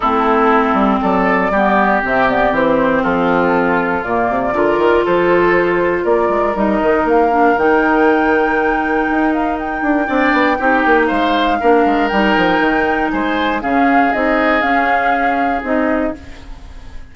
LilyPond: <<
  \new Staff \with { instrumentName = "flute" } { \time 4/4 \tempo 4 = 119 a'2 d''2 | e''8 d''8 c''4 a'2 | d''2 c''2 | d''4 dis''4 f''4 g''4~ |
g''2~ g''8 f''8 g''4~ | g''2 f''2 | g''2 gis''4 f''4 | dis''4 f''2 dis''4 | }
  \new Staff \with { instrumentName = "oboe" } { \time 4/4 e'2 a'4 g'4~ | g'2 f'2~ | f'4 ais'4 a'2 | ais'1~ |
ais'1 | d''4 g'4 c''4 ais'4~ | ais'2 c''4 gis'4~ | gis'1 | }
  \new Staff \with { instrumentName = "clarinet" } { \time 4/4 c'2. b4 | c'8 b8 c'2. | ais4 f'2.~ | f'4 dis'4. d'8 dis'4~ |
dis'1 | d'4 dis'2 d'4 | dis'2. cis'4 | dis'4 cis'2 dis'4 | }
  \new Staff \with { instrumentName = "bassoon" } { \time 4/4 a4. g8 fis4 g4 | c4 e4 f2 | ais,8 c8 d8 dis8 f2 | ais8 gis8 g8 dis8 ais4 dis4~ |
dis2 dis'4. d'8 | c'8 b8 c'8 ais8 gis4 ais8 gis8 | g8 f8 dis4 gis4 cis4 | c'4 cis'2 c'4 | }
>>